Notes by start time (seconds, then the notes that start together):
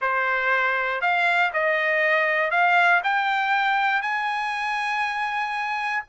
0.01 C5
1.01 F5
1.53 D#5
2.50 F5
3.03 G5
4.02 G#5